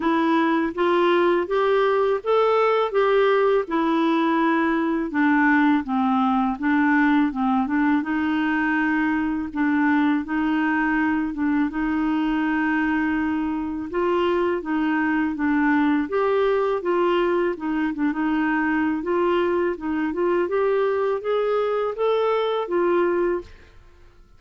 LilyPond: \new Staff \with { instrumentName = "clarinet" } { \time 4/4 \tempo 4 = 82 e'4 f'4 g'4 a'4 | g'4 e'2 d'4 | c'4 d'4 c'8 d'8 dis'4~ | dis'4 d'4 dis'4. d'8 |
dis'2. f'4 | dis'4 d'4 g'4 f'4 | dis'8 d'16 dis'4~ dis'16 f'4 dis'8 f'8 | g'4 gis'4 a'4 f'4 | }